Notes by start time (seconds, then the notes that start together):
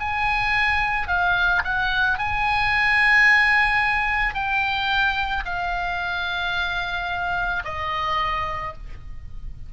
0.00 G#5
1.08 F5
1.65 F#5
2.19 G#5
4.35 G5
5.45 F5
7.65 D#5